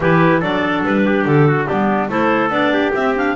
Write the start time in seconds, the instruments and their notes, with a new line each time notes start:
0.00 double bass E3, clarinet E4 B4, trumpet G4
0.39 double bass F#3, clarinet D4 D5, trumpet A4
0.85 double bass G3, clarinet B4
1.05 trumpet G4
1.25 double bass D3, clarinet A4
1.47 trumpet F#4
1.65 double bass G3, clarinet B3 G4, trumpet D4
2.08 double bass A3, clarinet E4 C5, trumpet A4
2.49 double bass B3, clarinet D4 D5
2.73 trumpet G4
2.93 clarinet C4 E5, double bass C4
3.14 clarinet D4 F5